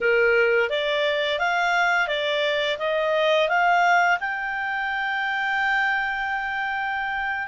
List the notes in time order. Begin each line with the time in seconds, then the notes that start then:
0.00 A#4
0.69 D5
1.39 F5
2.07 D5
2.78 D#5
3.49 F5
4.20 G5